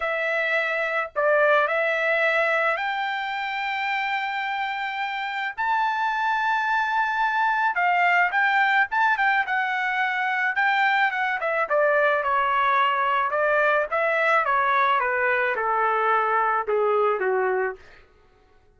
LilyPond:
\new Staff \with { instrumentName = "trumpet" } { \time 4/4 \tempo 4 = 108 e''2 d''4 e''4~ | e''4 g''2.~ | g''2 a''2~ | a''2 f''4 g''4 |
a''8 g''8 fis''2 g''4 | fis''8 e''8 d''4 cis''2 | d''4 e''4 cis''4 b'4 | a'2 gis'4 fis'4 | }